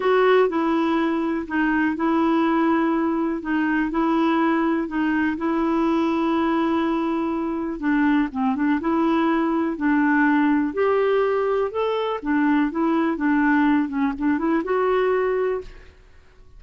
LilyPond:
\new Staff \with { instrumentName = "clarinet" } { \time 4/4 \tempo 4 = 123 fis'4 e'2 dis'4 | e'2. dis'4 | e'2 dis'4 e'4~ | e'1 |
d'4 c'8 d'8 e'2 | d'2 g'2 | a'4 d'4 e'4 d'4~ | d'8 cis'8 d'8 e'8 fis'2 | }